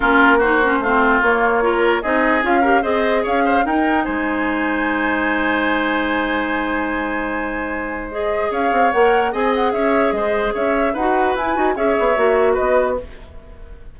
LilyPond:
<<
  \new Staff \with { instrumentName = "flute" } { \time 4/4 \tempo 4 = 148 ais'4 c''2 cis''4~ | cis''4 dis''4 f''4 dis''4 | f''4 g''4 gis''2~ | gis''1~ |
gis''1 | dis''4 f''4 fis''4 gis''8 fis''8 | e''4 dis''4 e''4 fis''4 | gis''4 e''2 dis''4 | }
  \new Staff \with { instrumentName = "oboe" } { \time 4/4 f'4 fis'4 f'2 | ais'4 gis'4. ais'8 c''4 | cis''8 c''8 ais'4 c''2~ | c''1~ |
c''1~ | c''4 cis''2 dis''4 | cis''4 c''4 cis''4 b'4~ | b'4 cis''2 b'4 | }
  \new Staff \with { instrumentName = "clarinet" } { \time 4/4 cis'4 dis'8 cis'8 c'4 ais4 | f'4 dis'4 f'8 g'8 gis'4~ | gis'4 dis'2.~ | dis'1~ |
dis'1 | gis'2 ais'4 gis'4~ | gis'2. fis'4 | e'8 fis'8 gis'4 fis'2 | }
  \new Staff \with { instrumentName = "bassoon" } { \time 4/4 ais2 a4 ais4~ | ais4 c'4 cis'4 c'4 | cis'4 dis'4 gis2~ | gis1~ |
gis1~ | gis4 cis'8 c'8 ais4 c'4 | cis'4 gis4 cis'4 dis'4 | e'8 dis'8 cis'8 b8 ais4 b4 | }
>>